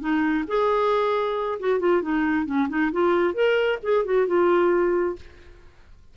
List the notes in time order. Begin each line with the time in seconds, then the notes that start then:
0.00 D#4
0.48 G#4
1.60 F#4
1.80 F4
2.02 D#4
2.46 C#4
2.69 D#4
2.92 F4
3.34 A#4
3.83 G#4
4.05 F#4
4.27 F4